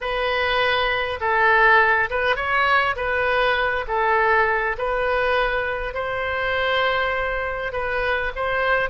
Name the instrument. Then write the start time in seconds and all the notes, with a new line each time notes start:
oboe
0.00 B4
1.20 A4
2.10 B4
2.36 C#5
2.95 B4
3.87 A4
4.78 B4
5.94 C5
7.72 B4
8.35 C5